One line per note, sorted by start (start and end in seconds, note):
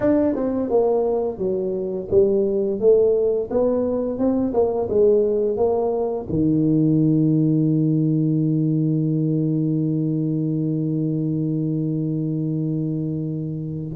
0.00 0.35 D4
0.35 0.70 C4
0.70 1.38 A#3
1.38 2.07 F#3
2.10 2.79 G3
2.79 3.49 A3
3.50 4.18 B3
4.18 4.53 C4
4.53 4.88 A#3
4.89 5.57 G#3
5.57 6.26 A#3
6.29 13.95 D#3